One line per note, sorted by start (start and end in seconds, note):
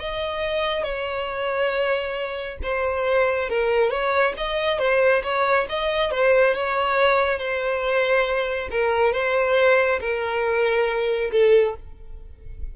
0.00 0.84 D#5
0.84 2.58 C#5
2.63 3.50 C5
3.50 3.91 A#4
3.91 4.34 C#5
4.38 4.79 D#5
4.79 5.23 C5
5.23 5.67 C#5
5.70 6.11 D#5
6.11 6.55 C5
6.55 7.39 C#5
7.39 8.69 C5
8.71 9.13 A#4
9.13 10.00 C5
10.01 11.32 A#4
11.32 11.75 A4